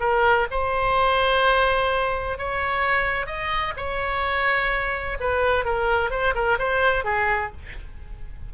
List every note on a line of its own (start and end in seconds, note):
0.00 0.47 A#4
0.50 2.38 C5
2.38 3.26 C#5
3.26 3.73 D#5
3.77 5.18 C#5
5.20 5.65 B4
5.65 6.10 A#4
6.10 6.34 C5
6.35 6.58 A#4
6.59 7.04 C5
7.04 7.51 G#4